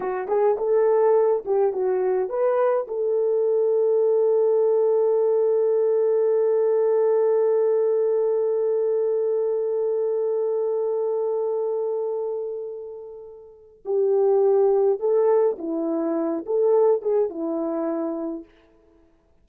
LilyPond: \new Staff \with { instrumentName = "horn" } { \time 4/4 \tempo 4 = 104 fis'8 gis'8 a'4. g'8 fis'4 | b'4 a'2.~ | a'1~ | a'1~ |
a'1~ | a'1 | g'2 a'4 e'4~ | e'8 a'4 gis'8 e'2 | }